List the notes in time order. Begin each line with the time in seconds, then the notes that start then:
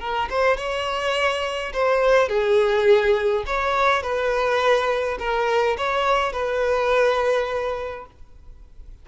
0.00 A#4
0.30 C5
0.57 C#5
1.73 C5
2.29 G#4
3.46 C#5
4.03 B4
5.19 A#4
5.78 C#5
6.33 B4